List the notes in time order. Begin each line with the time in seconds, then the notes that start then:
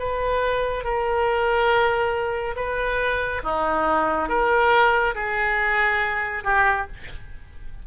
0.00 B4
0.84 A#4
2.57 B4
3.44 D#4
4.29 A#4
5.15 G#4
6.44 G4